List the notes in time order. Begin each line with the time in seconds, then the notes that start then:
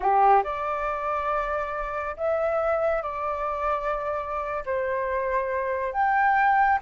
0.00 G4
0.43 D5
2.17 E5
3.02 D5
4.65 C5
5.92 G5